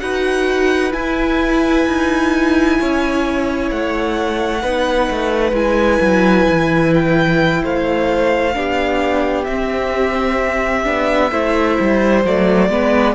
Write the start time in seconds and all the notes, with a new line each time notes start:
0.00 D#4 F#4 B4 F#5
0.91 E4 G#5
1.87 D#4
2.80 C#4 C#5
3.71 A3 F#5
4.62 B3 D#4 B4
5.10 A3
5.52 G#3 E4 G#5
6.01 F#3
6.50 E3
6.94 G5
7.63 A3 C5 F5
8.54 B3 D4 G4
9.44 C4 E5
10.84 B3 D4
11.31 A3 E4 C5
11.80 G3
12.25 F#3 A3 D5
12.70 G#3 B3 B4